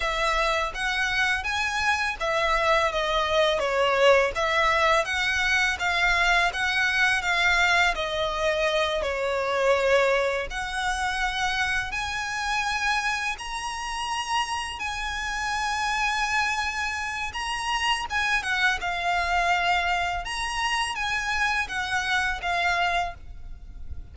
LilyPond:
\new Staff \with { instrumentName = "violin" } { \time 4/4 \tempo 4 = 83 e''4 fis''4 gis''4 e''4 | dis''4 cis''4 e''4 fis''4 | f''4 fis''4 f''4 dis''4~ | dis''8 cis''2 fis''4.~ |
fis''8 gis''2 ais''4.~ | ais''8 gis''2.~ gis''8 | ais''4 gis''8 fis''8 f''2 | ais''4 gis''4 fis''4 f''4 | }